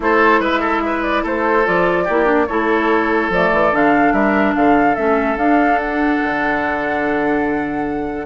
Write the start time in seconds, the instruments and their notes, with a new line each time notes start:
0.00 bassoon A3, clarinet E4, oboe A4, flute C5
0.40 bassoon G#3, oboe B4, flute E5
0.60 oboe A4
0.85 oboe B4
1.02 flute D5
1.23 bassoon A3, oboe A4, flute C5
1.65 bassoon F3, clarinet F4, flute D5
2.04 bassoon A#3, clarinet E4, oboe G4
2.24 clarinet D4
2.47 bassoon A3, clarinet E4, oboe A4, flute C#5
3.29 bassoon F3, clarinet A3, flute D5
3.52 bassoon E3
3.72 bassoon D3, clarinet D4, flute F5
4.12 bassoon G3, oboe A#4, flute E5
4.55 bassoon D3, oboe A4, flute F5
4.95 bassoon A3, clarinet C#4, flute E5
5.36 bassoon D4, clarinet D4, flute F5
5.79 flute F#5
6.23 bassoon D3